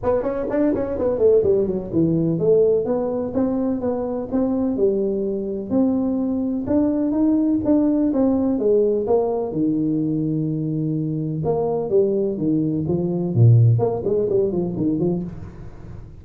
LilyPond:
\new Staff \with { instrumentName = "tuba" } { \time 4/4 \tempo 4 = 126 b8 cis'8 d'8 cis'8 b8 a8 g8 fis8 | e4 a4 b4 c'4 | b4 c'4 g2 | c'2 d'4 dis'4 |
d'4 c'4 gis4 ais4 | dis1 | ais4 g4 dis4 f4 | ais,4 ais8 gis8 g8 f8 dis8 f8 | }